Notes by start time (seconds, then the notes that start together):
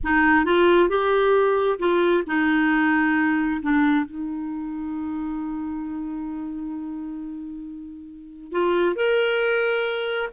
0.03 D#4
0.45 F4
0.89 G4
1.79 F4
2.26 D#4
3.62 D4
4.05 D#4
8.52 F4
8.95 A#4